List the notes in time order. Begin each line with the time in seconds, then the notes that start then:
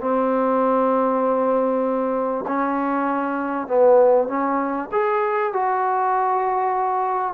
0.00 C4
2.47 C#4
3.67 B3
4.28 C#4
4.91 G#4
5.53 F#4